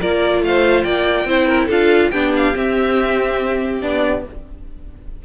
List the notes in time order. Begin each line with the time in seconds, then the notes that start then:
0.00 A#3 F4 A#4 D5
0.42 A3 C5 F5
0.83 A#3 D5 G5
1.25 C4 E4 C5
1.48 A#4
1.67 D4 F4 A4 F5
2.11 B3 D4 G4 G5
2.36 F5
2.54 C4 E5
3.81 B3 D4 D5